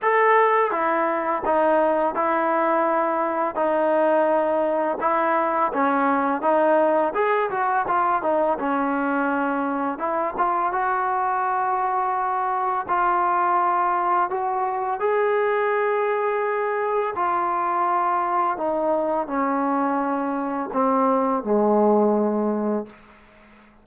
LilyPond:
\new Staff \with { instrumentName = "trombone" } { \time 4/4 \tempo 4 = 84 a'4 e'4 dis'4 e'4~ | e'4 dis'2 e'4 | cis'4 dis'4 gis'8 fis'8 f'8 dis'8 | cis'2 e'8 f'8 fis'4~ |
fis'2 f'2 | fis'4 gis'2. | f'2 dis'4 cis'4~ | cis'4 c'4 gis2 | }